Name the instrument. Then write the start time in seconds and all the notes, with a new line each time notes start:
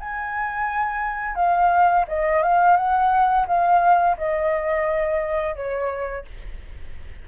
flute
0.00 G#5
1.35 F5
2.08 D#5
2.43 F5
2.77 F#5
3.47 F5
4.17 D#5
5.55 C#5